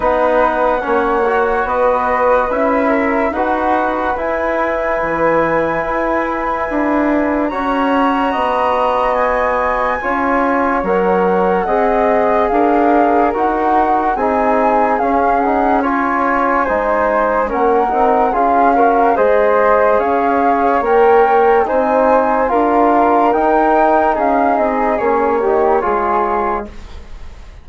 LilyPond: <<
  \new Staff \with { instrumentName = "flute" } { \time 4/4 \tempo 4 = 72 fis''2 dis''4 e''4 | fis''4 gis''2.~ | gis''4 ais''2 gis''4~ | gis''4 fis''2 f''4 |
fis''4 gis''4 f''8 fis''8 gis''4~ | gis''4 fis''4 f''4 dis''4 | f''4 g''4 gis''4 f''4 | g''4 f''8 dis''8 cis''2 | }
  \new Staff \with { instrumentName = "flute" } { \time 4/4 b'4 cis''4 b'4. ais'8 | b'1~ | b'4 cis''4 dis''2 | cis''2 dis''4 ais'4~ |
ais'4 gis'2 cis''4 | c''4 ais'4 gis'8 ais'8 c''4 | cis''2 c''4 ais'4~ | ais'4 gis'4. g'8 gis'4 | }
  \new Staff \with { instrumentName = "trombone" } { \time 4/4 dis'4 cis'8 fis'4. e'4 | fis'4 e'2.~ | e'4 fis'2. | f'4 ais'4 gis'2 |
fis'4 dis'4 cis'8 dis'8 f'4 | dis'4 cis'8 dis'8 f'8 fis'8 gis'4~ | gis'4 ais'4 dis'4 f'4 | dis'2 cis'8 dis'8 f'4 | }
  \new Staff \with { instrumentName = "bassoon" } { \time 4/4 b4 ais4 b4 cis'4 | dis'4 e'4 e4 e'4 | d'4 cis'4 b2 | cis'4 fis4 c'4 d'4 |
dis'4 c'4 cis'2 | gis4 ais8 c'8 cis'4 gis4 | cis'4 ais4 c'4 d'4 | dis'4 cis'8 c'8 ais4 gis4 | }
>>